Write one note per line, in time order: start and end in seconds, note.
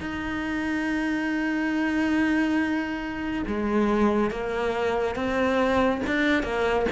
0.00 3.43 D#4
3.47 4.31 G#3
4.31 5.15 A#3
5.15 6.01 C4
6.06 6.43 D4
6.43 6.86 A#3